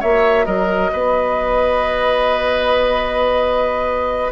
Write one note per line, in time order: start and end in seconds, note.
0.00 0.46 A#3
0.00 4.32 F#4
0.00 0.45 C#5
0.00 0.45 E5
0.45 0.92 F#3
0.45 0.91 A#4
0.45 4.32 D#5
0.93 4.32 B3
0.93 4.32 B4